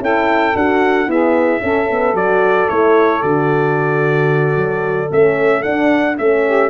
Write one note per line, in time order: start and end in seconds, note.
0.00 0.54 C#4
0.00 0.54 E4
0.00 1.09 A4
0.00 0.57 G5
0.55 1.07 D4
0.55 1.07 F#4
0.55 1.10 F#5
1.07 1.60 B3
1.07 1.61 E4
1.07 1.61 G#4
1.07 2.16 E5
1.60 1.86 C#4
1.60 2.13 C#4
1.60 6.43 A4
1.90 2.15 B3
2.13 2.66 F#3
2.13 2.69 F#4
2.13 2.69 D5
2.69 3.23 A3
2.69 3.20 E4
2.69 3.22 C#5
3.20 4.56 D3
3.20 5.08 F#4
3.20 5.10 D5
4.56 5.09 F#3
5.10 5.65 A3
5.10 5.63 C#4
5.10 5.62 E5
5.62 6.16 D4
5.62 6.19 D4
5.62 6.16 F#5
6.17 6.70 A3
6.17 6.70 C#4
6.17 6.70 E5
6.46 6.70 G4